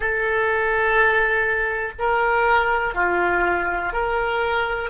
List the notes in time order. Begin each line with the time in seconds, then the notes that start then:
0.00 A4
1.99 A#4
2.94 F4
3.92 A#4